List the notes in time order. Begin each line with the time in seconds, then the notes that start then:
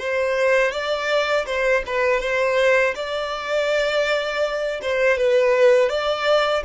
0.00 C5
0.72 D5
1.46 C5
1.87 B4
2.21 C5
2.96 D5
4.82 C5
5.18 B4
5.90 D5